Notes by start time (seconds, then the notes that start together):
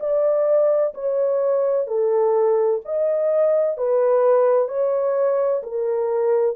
0.00 D5
0.94 C#5
1.87 A4
2.85 D#5
3.77 B4
4.68 C#5
5.63 A#4